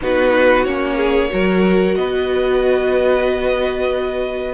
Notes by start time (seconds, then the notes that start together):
0.01 B3 D#4 F#4 B4
0.64 A#3 C#4 C#5
0.96 G#4
1.30 F#3 F#4 A#4
1.95 B3 B4 D#5